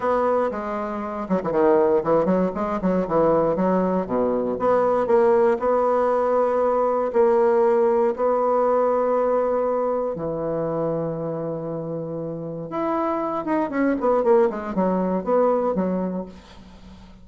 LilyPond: \new Staff \with { instrumentName = "bassoon" } { \time 4/4 \tempo 4 = 118 b4 gis4. fis16 e16 dis4 | e8 fis8 gis8 fis8 e4 fis4 | b,4 b4 ais4 b4~ | b2 ais2 |
b1 | e1~ | e4 e'4. dis'8 cis'8 b8 | ais8 gis8 fis4 b4 fis4 | }